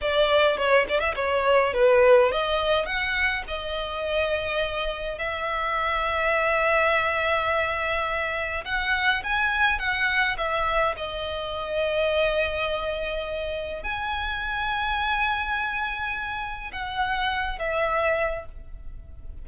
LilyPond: \new Staff \with { instrumentName = "violin" } { \time 4/4 \tempo 4 = 104 d''4 cis''8 d''16 e''16 cis''4 b'4 | dis''4 fis''4 dis''2~ | dis''4 e''2.~ | e''2. fis''4 |
gis''4 fis''4 e''4 dis''4~ | dis''1 | gis''1~ | gis''4 fis''4. e''4. | }